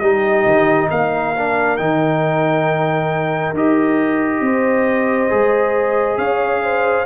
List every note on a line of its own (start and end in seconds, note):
0.00 0.46 G3
0.00 1.35 D#4
0.00 0.89 G4
0.00 0.88 D#5
0.46 0.90 D#3
0.91 1.79 A#3
0.91 4.44 A#4
0.91 1.77 F5
1.36 1.78 D4
1.77 3.53 D#3
1.77 3.55 D#4
1.77 3.53 G5
3.53 4.41 D#4
3.53 5.29 G4
3.53 6.18 D#5
4.41 5.29 C4
4.41 6.19 C5
5.29 6.18 G#3
5.29 7.06 G#4
6.18 7.06 C#4
6.18 6.63 C#5
6.18 7.06 F5
6.63 7.06 C5